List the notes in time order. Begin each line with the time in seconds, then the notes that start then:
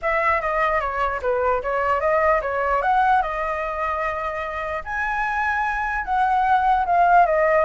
0.02 E5
0.41 D#5
0.80 C#5
1.22 B4
1.62 C#5
2.00 D#5
2.41 C#5
2.82 F#5
3.22 D#5
4.84 G#5
6.04 F#5
6.85 F5
7.26 D#5